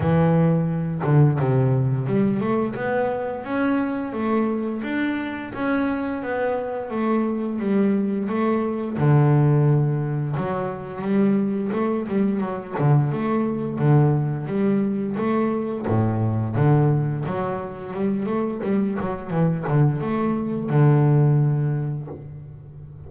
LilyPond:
\new Staff \with { instrumentName = "double bass" } { \time 4/4 \tempo 4 = 87 e4. d8 c4 g8 a8 | b4 cis'4 a4 d'4 | cis'4 b4 a4 g4 | a4 d2 fis4 |
g4 a8 g8 fis8 d8 a4 | d4 g4 a4 a,4 | d4 fis4 g8 a8 g8 fis8 | e8 d8 a4 d2 | }